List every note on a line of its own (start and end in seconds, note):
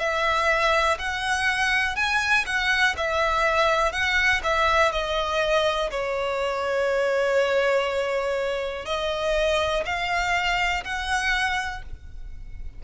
0.00 0.98 E5
0.99 1.96 F#5
1.96 2.45 G#5
2.47 2.96 F#5
2.97 3.92 E5
3.92 4.41 F#5
4.44 4.92 E5
4.92 5.91 D#5
5.91 8.86 C#5
8.86 9.84 D#5
9.85 10.84 F5
10.84 11.83 F#5